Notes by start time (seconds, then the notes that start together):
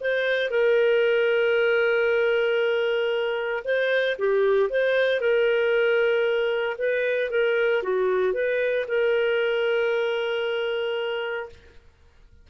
0.00 C5
0.50 A#4
3.64 C5
4.18 G4
4.69 C5
5.20 A#4
6.78 B4
7.30 A#4
7.82 F#4
8.33 B4
8.88 A#4